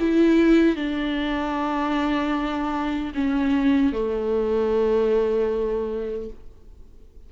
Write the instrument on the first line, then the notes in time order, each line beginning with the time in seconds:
viola
0.00 E4
0.76 D4
3.14 C#4
3.93 A3